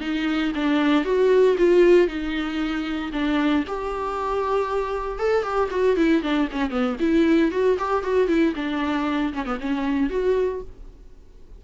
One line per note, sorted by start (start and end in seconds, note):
0.00 0.52 D#4
0.55 1.04 D4
1.04 1.56 F#4
1.58 2.07 F4
2.07 3.11 D#4
3.12 3.64 D4
3.67 5.18 G4
5.18 5.43 A4
5.43 5.68 G4
5.70 5.96 F#4
5.96 6.22 E4
6.22 6.48 D4
6.51 6.70 C#4
6.70 6.96 B3
6.99 7.51 E4
7.51 7.77 F#4
7.78 8.03 G4
8.03 8.28 F#4
8.28 8.53 E4
8.55 9.33 D4
9.33 9.45 C#4
9.45 9.58 B3
9.60 10.09 C#4
10.09 10.61 F#4